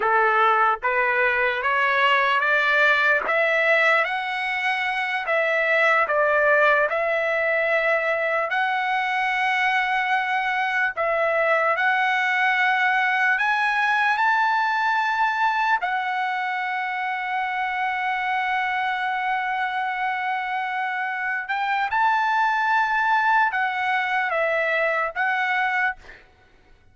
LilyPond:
\new Staff \with { instrumentName = "trumpet" } { \time 4/4 \tempo 4 = 74 a'4 b'4 cis''4 d''4 | e''4 fis''4. e''4 d''8~ | d''8 e''2 fis''4.~ | fis''4. e''4 fis''4.~ |
fis''8 gis''4 a''2 fis''8~ | fis''1~ | fis''2~ fis''8 g''8 a''4~ | a''4 fis''4 e''4 fis''4 | }